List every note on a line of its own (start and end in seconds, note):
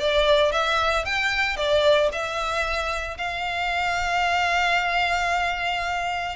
0.00 0.52 D5
0.52 1.05 E5
1.06 1.57 G5
1.57 2.10 D5
2.13 3.18 E5
3.18 6.36 F5